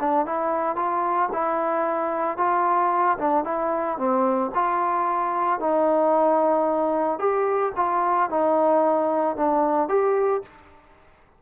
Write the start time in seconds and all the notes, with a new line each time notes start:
0.00 D4
0.26 E4
0.76 F4
1.33 E4
2.38 F4
3.19 D4
3.45 E4
3.98 C4
4.55 F4
5.60 D#4
7.19 G4
7.77 F4
8.30 D#4
9.36 D4
9.89 G4